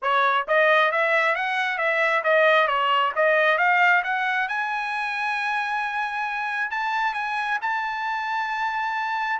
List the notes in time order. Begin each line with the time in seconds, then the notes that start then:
0.02 C#5
0.47 D#5
0.91 E5
1.35 F#5
1.78 E5
2.23 D#5
2.67 C#5
3.15 D#5
3.57 F5
4.03 F#5
4.48 G#5
6.70 A5
7.13 G#5
7.61 A5